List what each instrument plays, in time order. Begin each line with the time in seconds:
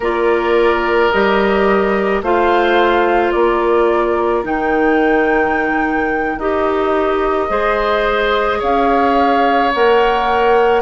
0.00 bassoon A#3, clarinet F4, oboe A#4, flute D5
1.11 bassoon G3, clarinet G4, flute D#5
2.21 bassoon A3, clarinet F4, oboe C5, flute F5
3.31 bassoon A#3, oboe A#4, flute D5
4.43 bassoon D#3, clarinet D#4, flute G5
6.38 bassoon D#4, clarinet G4, flute D#5
7.48 bassoon G#3, clarinet G#4, oboe C5
8.59 bassoon C#4, oboe C#5, flute F5
9.73 bassoon A#3, clarinet A#4, flute F#5